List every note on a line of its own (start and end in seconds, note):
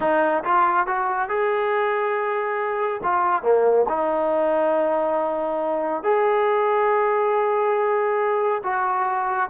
0.00 0.43 D#4
0.44 0.86 F4
0.86 1.28 F#4
1.28 3.01 G#4
3.03 3.43 F4
3.43 3.86 A#3
3.88 6.03 D#4
6.03 8.62 G#4
8.63 9.49 F#4